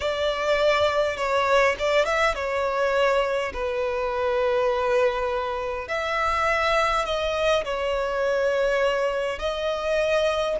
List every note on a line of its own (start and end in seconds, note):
0.00 1.17 D5
1.17 1.75 C#5
1.79 2.05 D5
2.05 2.34 E5
2.34 3.52 C#5
3.53 5.88 B4
5.88 7.05 E5
7.05 7.64 D#5
7.64 9.39 C#5
9.39 10.56 D#5